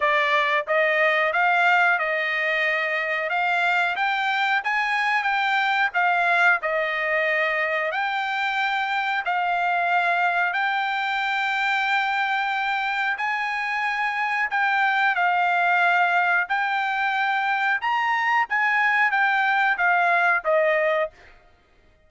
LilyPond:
\new Staff \with { instrumentName = "trumpet" } { \time 4/4 \tempo 4 = 91 d''4 dis''4 f''4 dis''4~ | dis''4 f''4 g''4 gis''4 | g''4 f''4 dis''2 | g''2 f''2 |
g''1 | gis''2 g''4 f''4~ | f''4 g''2 ais''4 | gis''4 g''4 f''4 dis''4 | }